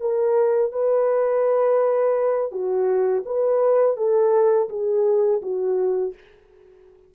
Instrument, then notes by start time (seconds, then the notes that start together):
horn
0.00 A#4
0.72 B4
2.51 F#4
3.26 B4
3.97 A4
4.69 G#4
5.42 F#4